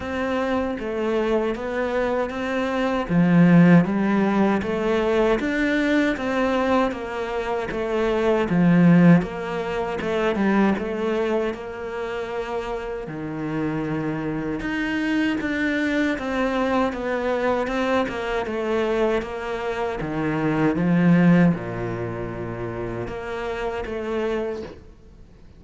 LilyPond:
\new Staff \with { instrumentName = "cello" } { \time 4/4 \tempo 4 = 78 c'4 a4 b4 c'4 | f4 g4 a4 d'4 | c'4 ais4 a4 f4 | ais4 a8 g8 a4 ais4~ |
ais4 dis2 dis'4 | d'4 c'4 b4 c'8 ais8 | a4 ais4 dis4 f4 | ais,2 ais4 a4 | }